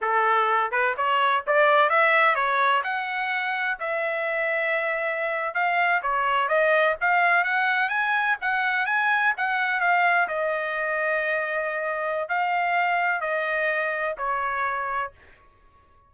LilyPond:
\new Staff \with { instrumentName = "trumpet" } { \time 4/4 \tempo 4 = 127 a'4. b'8 cis''4 d''4 | e''4 cis''4 fis''2 | e''2.~ e''8. f''16~ | f''8. cis''4 dis''4 f''4 fis''16~ |
fis''8. gis''4 fis''4 gis''4 fis''16~ | fis''8. f''4 dis''2~ dis''16~ | dis''2 f''2 | dis''2 cis''2 | }